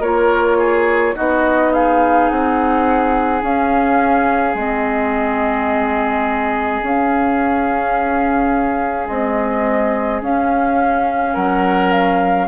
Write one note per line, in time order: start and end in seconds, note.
0.00 1.13 A#3
0.00 1.15 F4
0.00 0.57 A#4
0.00 1.16 C#5
0.58 1.15 G#4
1.15 2.30 B3
1.15 3.41 D#4
1.15 1.72 F#4
1.15 1.73 D#5
1.73 11.33 G#4
1.73 2.29 F5
2.29 3.42 C4
2.29 3.42 F#5
3.41 4.54 C#4
3.41 4.57 F5
4.54 6.81 G#3
4.54 6.82 C4
4.54 6.83 D#5
6.82 9.05 C#4
6.82 9.09 C#4
6.82 9.08 F5
9.05 10.18 G#3
9.05 10.22 C4
9.05 10.21 D#5
10.22 11.35 C#4
10.22 12.48 C#4
10.22 11.35 F5
11.33 12.48 F#3
11.33 12.46 A#4
11.33 11.92 F#5
11.92 12.48 F5